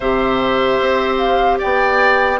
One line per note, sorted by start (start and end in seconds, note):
0.00 0.80 C3
0.00 2.40 G4
0.00 1.58 C5
0.00 1.17 E5
0.80 1.60 C4
1.17 1.57 F5
1.58 2.40 B3
1.58 2.38 D5
1.58 2.40 G5